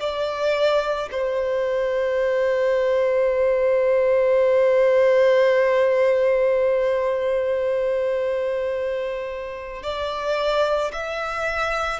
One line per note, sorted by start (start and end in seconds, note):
0.00 1.09 D5
1.11 9.82 C5
9.82 10.91 D5
10.92 12.00 E5